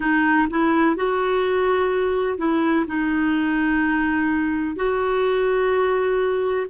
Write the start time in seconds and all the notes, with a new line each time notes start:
0.00 D#4
0.50 E4
0.96 F#4
2.38 E4
2.87 D#4
4.76 F#4